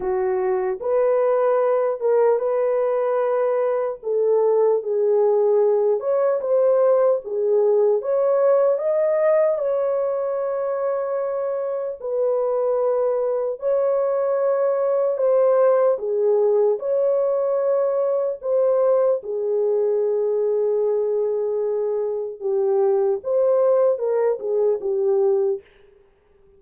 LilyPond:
\new Staff \with { instrumentName = "horn" } { \time 4/4 \tempo 4 = 75 fis'4 b'4. ais'8 b'4~ | b'4 a'4 gis'4. cis''8 | c''4 gis'4 cis''4 dis''4 | cis''2. b'4~ |
b'4 cis''2 c''4 | gis'4 cis''2 c''4 | gis'1 | g'4 c''4 ais'8 gis'8 g'4 | }